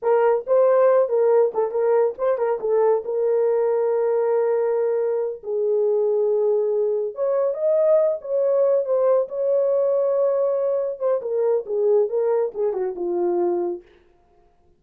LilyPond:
\new Staff \with { instrumentName = "horn" } { \time 4/4 \tempo 4 = 139 ais'4 c''4. ais'4 a'8 | ais'4 c''8 ais'8 a'4 ais'4~ | ais'1~ | ais'8 gis'2.~ gis'8~ |
gis'8 cis''4 dis''4. cis''4~ | cis''8 c''4 cis''2~ cis''8~ | cis''4. c''8 ais'4 gis'4 | ais'4 gis'8 fis'8 f'2 | }